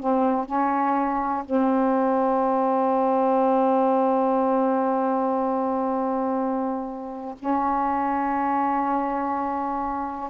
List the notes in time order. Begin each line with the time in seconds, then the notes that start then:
0.00 C4
0.46 C#4
1.45 C4
7.39 C#4